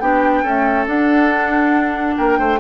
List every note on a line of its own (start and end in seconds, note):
0.00 0.44 B3
0.00 0.45 D4
0.00 0.43 G4
0.00 0.86 G5
0.43 0.87 A3
0.43 0.87 C#4
0.43 2.15 A4
0.87 2.16 D4
0.87 2.59 D4
0.87 2.17 F#5
2.17 2.39 A#3
2.17 2.39 A#4
2.17 2.60 G5
2.39 2.60 A3
2.39 2.60 C5